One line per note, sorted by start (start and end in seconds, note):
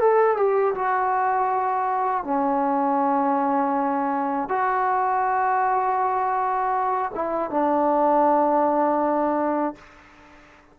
0.00 0.37 A4
0.37 0.74 G4
0.75 2.24 F#4
2.24 4.49 C#4
4.49 7.11 F#4
7.15 7.50 E4
7.50 9.75 D4